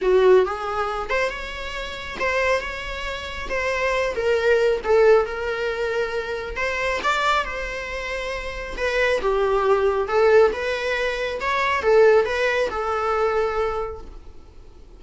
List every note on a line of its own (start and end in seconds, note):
0.01 0.45 F#4
0.45 1.09 G#4
1.09 1.29 C5
1.29 2.17 C#5
2.19 2.61 C5
2.61 3.48 C#5
3.49 4.14 C5
4.15 4.81 A#4
4.84 5.25 A4
5.25 6.56 A#4
6.56 7.00 C5
7.03 7.44 D5
7.44 8.76 C5
8.77 9.20 B4
9.21 10.07 G4
10.07 10.51 A4
10.52 11.39 B4
11.40 11.82 C#5
11.82 12.25 A4
12.25 12.69 B4
12.69 14.01 A4